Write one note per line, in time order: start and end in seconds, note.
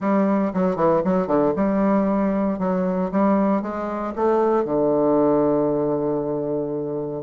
0.00 0.52 G3
0.53 0.75 F#3
0.75 1.01 E3
1.04 1.27 F#3
1.27 1.53 D3
1.56 2.59 G3
2.59 3.10 F#3
3.11 3.61 G3
3.61 4.13 G#3
4.15 4.64 A3
4.64 7.23 D3